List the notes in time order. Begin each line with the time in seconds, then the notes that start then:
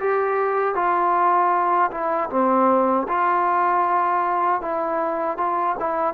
0.00 G4
0.75 F4
1.91 E4
2.30 C4
3.08 F4
4.62 E4
5.38 F4
5.79 E4